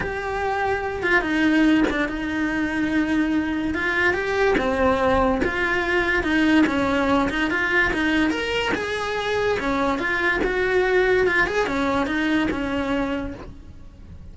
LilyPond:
\new Staff \with { instrumentName = "cello" } { \time 4/4 \tempo 4 = 144 g'2~ g'8 f'8 dis'4~ | dis'8 d'8 dis'2.~ | dis'4 f'4 g'4 c'4~ | c'4 f'2 dis'4 |
cis'4. dis'8 f'4 dis'4 | ais'4 gis'2 cis'4 | f'4 fis'2 f'8 gis'8 | cis'4 dis'4 cis'2 | }